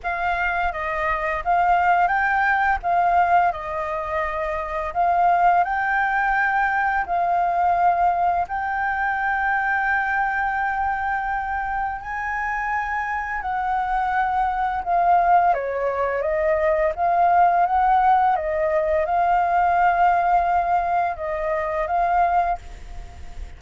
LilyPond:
\new Staff \with { instrumentName = "flute" } { \time 4/4 \tempo 4 = 85 f''4 dis''4 f''4 g''4 | f''4 dis''2 f''4 | g''2 f''2 | g''1~ |
g''4 gis''2 fis''4~ | fis''4 f''4 cis''4 dis''4 | f''4 fis''4 dis''4 f''4~ | f''2 dis''4 f''4 | }